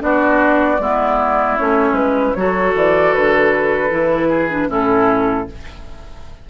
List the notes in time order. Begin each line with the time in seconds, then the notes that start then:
0.00 B3 D4 F#4 D5
0.80 G#3 B3 E4
1.57 A3 C#4 C#5
1.93 G#3 B4
2.34 F#3 F#4 A4 C#5
2.75 E3 D5
3.14 D3 B4
3.90 E3 E4
4.28 G#4
4.50 D4
4.69 A2 C#4 E4 A4